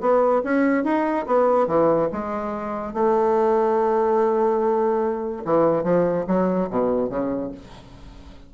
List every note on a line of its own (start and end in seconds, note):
0.00 0.42 B3
0.44 0.84 C#4
0.84 1.25 D#4
1.26 1.67 B3
1.67 2.09 E3
2.12 2.93 G#3
2.93 5.43 A3
5.44 5.83 E3
5.83 6.25 F3
6.27 6.69 F#3
6.70 7.09 B2
7.09 7.51 C#3